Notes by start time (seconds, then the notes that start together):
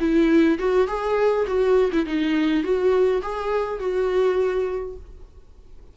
0.00 E4
0.59 F#4
0.88 G#4
1.47 F#4
1.92 E4
2.06 D#4
2.63 F#4
3.23 G#4
3.80 F#4